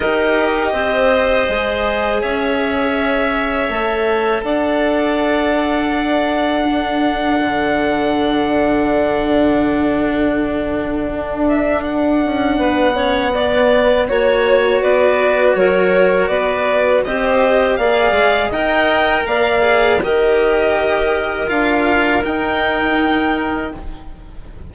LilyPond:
<<
  \new Staff \with { instrumentName = "violin" } { \time 4/4 \tempo 4 = 81 dis''2. e''4~ | e''2 fis''2~ | fis''1~ | fis''2.~ fis''8 e''8 |
fis''2. cis''4 | d''4 cis''4 d''4 dis''4 | f''4 g''4 f''4 dis''4~ | dis''4 f''4 g''2 | }
  \new Staff \with { instrumentName = "clarinet" } { \time 4/4 ais'4 c''2 cis''4~ | cis''2 d''2~ | d''4 a'2.~ | a'1~ |
a'4 b'8 cis''8 d''4 cis''4 | b'4 ais'4 b'4 c''4 | d''4 dis''4 d''4 ais'4~ | ais'1 | }
  \new Staff \with { instrumentName = "cello" } { \time 4/4 g'2 gis'2~ | gis'4 a'2.~ | a'4 d'2.~ | d'1~ |
d'4. cis'8 b4 fis'4~ | fis'2. g'4 | gis'4 ais'4. gis'8 g'4~ | g'4 f'4 dis'2 | }
  \new Staff \with { instrumentName = "bassoon" } { \time 4/4 dis'4 c'4 gis4 cis'4~ | cis'4 a4 d'2~ | d'2 d2~ | d2. d'4~ |
d'8 cis'8 b2 ais4 | b4 fis4 b4 c'4 | ais8 gis8 dis'4 ais4 dis4~ | dis4 d'4 dis'2 | }
>>